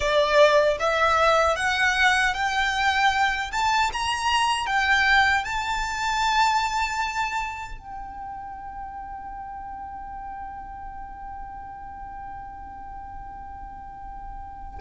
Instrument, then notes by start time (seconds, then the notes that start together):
violin
0.00 D5
0.79 E5
1.55 F#5
2.34 G5
3.51 A5
3.92 A#5
4.66 G5
5.44 A5
7.78 G5